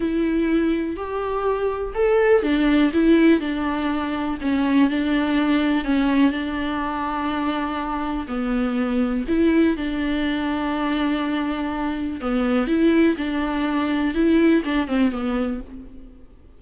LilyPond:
\new Staff \with { instrumentName = "viola" } { \time 4/4 \tempo 4 = 123 e'2 g'2 | a'4 d'4 e'4 d'4~ | d'4 cis'4 d'2 | cis'4 d'2.~ |
d'4 b2 e'4 | d'1~ | d'4 b4 e'4 d'4~ | d'4 e'4 d'8 c'8 b4 | }